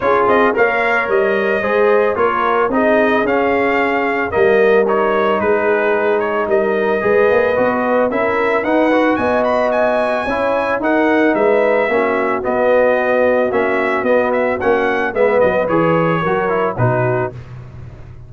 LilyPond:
<<
  \new Staff \with { instrumentName = "trumpet" } { \time 4/4 \tempo 4 = 111 cis''8 dis''8 f''4 dis''2 | cis''4 dis''4 f''2 | dis''4 cis''4 b'4. cis''8 | dis''2. e''4 |
fis''4 gis''8 b''8 gis''2 | fis''4 e''2 dis''4~ | dis''4 e''4 dis''8 e''8 fis''4 | e''8 dis''8 cis''2 b'4 | }
  \new Staff \with { instrumentName = "horn" } { \time 4/4 gis'4 cis''2 c''4 | ais'4 gis'2. | ais'2 gis'2 | ais'4 b'2 ais'4 |
b'4 dis''2 cis''4 | ais'4 b'4 fis'2~ | fis'1 | b'2 ais'4 fis'4 | }
  \new Staff \with { instrumentName = "trombone" } { \time 4/4 f'4 ais'2 gis'4 | f'4 dis'4 cis'2 | ais4 dis'2.~ | dis'4 gis'4 fis'4 e'4 |
dis'8 fis'2~ fis'8 e'4 | dis'2 cis'4 b4~ | b4 cis'4 b4 cis'4 | b4 gis'4 fis'8 e'8 dis'4 | }
  \new Staff \with { instrumentName = "tuba" } { \time 4/4 cis'8 c'8 ais4 g4 gis4 | ais4 c'4 cis'2 | g2 gis2 | g4 gis8 ais8 b4 cis'4 |
dis'4 b2 cis'4 | dis'4 gis4 ais4 b4~ | b4 ais4 b4 ais4 | gis8 fis8 e4 fis4 b,4 | }
>>